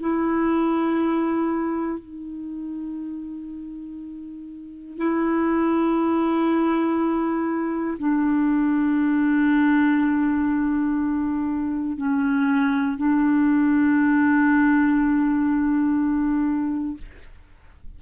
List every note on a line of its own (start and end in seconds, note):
0.00 2.00 E4
2.00 4.98 D#4
4.98 7.98 E4
7.99 11.97 D4
11.97 12.97 C#4
12.98 16.98 D4